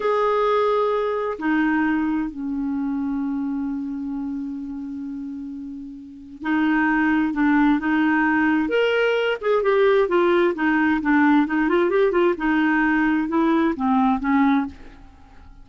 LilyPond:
\new Staff \with { instrumentName = "clarinet" } { \time 4/4 \tempo 4 = 131 gis'2. dis'4~ | dis'4 cis'2.~ | cis'1~ | cis'2 dis'2 |
d'4 dis'2 ais'4~ | ais'8 gis'8 g'4 f'4 dis'4 | d'4 dis'8 f'8 g'8 f'8 dis'4~ | dis'4 e'4 c'4 cis'4 | }